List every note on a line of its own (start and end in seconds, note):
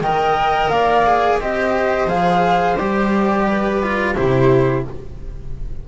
0.00 0.69 D#3
0.00 1.07 A#4
0.00 0.72 D#5
0.00 0.69 G5
0.69 1.39 A#3
0.69 1.40 D5
0.69 1.38 F5
1.07 1.41 G#4
1.39 2.06 C4
1.39 2.08 G4
1.39 3.46 C5
1.39 2.09 D#5
2.06 2.75 F3
2.06 2.77 G#4
2.06 2.77 F5
2.77 4.15 G3
2.77 3.83 G4
2.77 4.15 D5
3.46 4.15 B4
3.83 4.15 F4
4.15 4.88 C3
4.15 4.84 E4
4.15 4.84 G4
4.15 4.85 C5